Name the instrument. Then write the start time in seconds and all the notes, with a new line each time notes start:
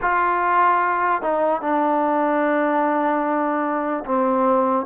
trombone
0.01 F4
1.22 D#4
1.61 D4
4.05 C4